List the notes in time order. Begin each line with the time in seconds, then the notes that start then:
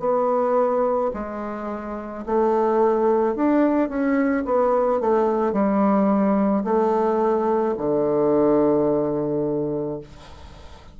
0.00 B3
1.14 G#3
2.26 A3
3.36 D4
3.89 C#4
4.45 B3
5.01 A3
5.53 G3
6.64 A3
7.78 D3